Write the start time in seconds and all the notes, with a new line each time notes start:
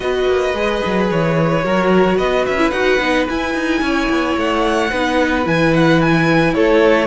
0.00 B3 F#4 B4 D#5
0.27 A#3
0.54 G#3 G#4
0.85 F#3
1.10 E3 C#5
1.63 F#3 F#4 A#4
2.17 B3 B4 D#5
2.46 C#4 E5
2.58 E4
2.70 D#4 F#4 F#5
3.00 B3 D#4
3.27 E4 G#5
3.54 D#4
3.81 C#4 C#5
4.09 B3
4.37 A3 F#5
4.90 B3 D#4 B4
5.44 E3 E4 G#5
5.73 F#5
6.01 G#5
6.54 A3 A4 C#5